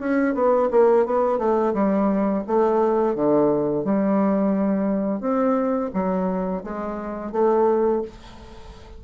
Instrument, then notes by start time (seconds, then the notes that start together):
bassoon
0.00 C#4
0.35 B3
0.71 A#3
1.06 B3
1.39 A3
1.74 G3
2.48 A3
3.16 D3
3.85 G3
5.21 C4
5.94 F#3
6.64 G#3
7.33 A3